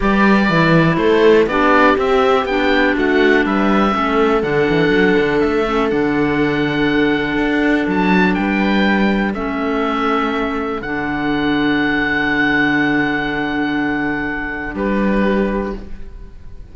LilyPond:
<<
  \new Staff \with { instrumentName = "oboe" } { \time 4/4 \tempo 4 = 122 d''2 c''4 d''4 | e''4 g''4 fis''4 e''4~ | e''4 fis''2 e''4 | fis''1 |
a''4 g''2 e''4~ | e''2 fis''2~ | fis''1~ | fis''2 b'2 | }
  \new Staff \with { instrumentName = "viola" } { \time 4/4 b'2 a'4 g'4~ | g'2 fis'4 b'4 | a'1~ | a'1~ |
a'4 b'2 a'4~ | a'1~ | a'1~ | a'2 g'2 | }
  \new Staff \with { instrumentName = "clarinet" } { \time 4/4 g'4 e'2 d'4 | c'4 d'2. | cis'4 d'2~ d'8 cis'8 | d'1~ |
d'2. cis'4~ | cis'2 d'2~ | d'1~ | d'1 | }
  \new Staff \with { instrumentName = "cello" } { \time 4/4 g4 e4 a4 b4 | c'4 b4 a4 g4 | a4 d8 e8 fis8 d8 a4 | d2. d'4 |
fis4 g2 a4~ | a2 d2~ | d1~ | d2 g2 | }
>>